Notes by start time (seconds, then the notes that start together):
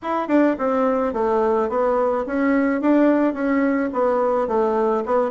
0.02 E4
0.28 D4
0.58 C4
1.13 A3
1.69 B3
2.26 C#4
2.81 D4
3.33 C#4
3.92 B3
4.47 A3
5.05 B3